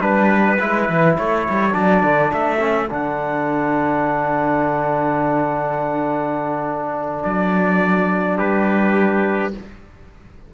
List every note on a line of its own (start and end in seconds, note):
0.00 0.58 G3
0.00 0.58 D4
0.00 1.16 B4
0.60 0.89 G#3
0.60 1.71 E4
0.89 1.18 E3
1.16 1.48 A3
1.16 8.37 A4
1.16 1.74 C#5
1.50 1.75 G3
1.71 2.03 F#3
1.71 2.58 D4
1.71 2.32 D5
2.03 2.32 D3
2.33 2.91 A3
2.33 2.91 E5
2.59 2.88 C#4
2.90 7.24 D3
2.90 9.53 D4
2.90 7.23 F#5
7.23 8.38 F#3
7.23 8.38 D5
8.37 9.53 G3
8.37 9.52 G4
8.37 9.53 B4